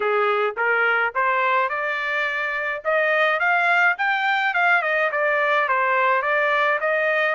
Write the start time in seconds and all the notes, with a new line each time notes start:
0.00 G#4
0.57 A#4
1.14 C5
1.69 D5
2.84 D#5
3.39 F5
3.98 G5
4.54 F5
4.82 D#5
5.11 D5
5.68 C5
6.22 D5
6.80 D#5